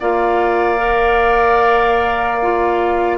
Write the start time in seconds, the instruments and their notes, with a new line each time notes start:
0.00 bassoon A#3, clarinet F4, oboe D5, flute F5
0.78 clarinet A#4
2.43 clarinet F4